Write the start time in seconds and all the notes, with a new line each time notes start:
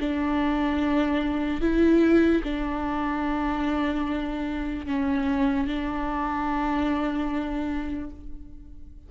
0.00 D4
1.62 E4
2.44 D4
4.87 C#4
5.68 D4